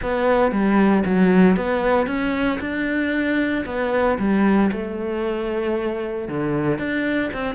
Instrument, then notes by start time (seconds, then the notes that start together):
cello
0.02 B3
0.51 G3
1.05 F#3
1.56 B3
2.07 C#4
2.60 D4
3.65 B3
4.18 G3
4.71 A3
6.28 D3
6.78 D4
7.33 C4